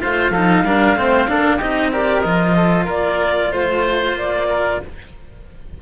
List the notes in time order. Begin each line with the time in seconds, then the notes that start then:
0.00 A3 F4 C5 F5
0.30 F3 D#4 A4
0.63 G3 D4 A#4
0.95 A3 C4 C5
1.28 A#3 D4 A4
1.56 C4 D#4 G4 D#5
1.92 G4 A#4 D5
2.20 F3 F4 D#5
2.56 A4
2.84 A#3 A#4 D5
3.51 A3 C5
4.12 A#3 D5
4.48 A#4